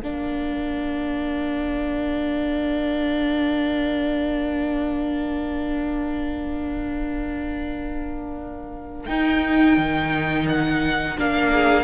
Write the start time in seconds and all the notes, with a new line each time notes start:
0.00 A#3 D4 A#4 F5
9.06 D#4 G5
9.77 D#3
10.49 F#5
11.17 A#3 D4 F5
11.52 G#4